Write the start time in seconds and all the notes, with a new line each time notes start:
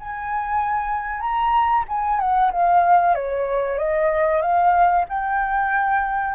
0.00 G#5
1.21 A#5
1.89 G#5
2.20 F#5
2.52 F5
3.15 C#5
3.78 D#5
4.42 F5
5.09 G5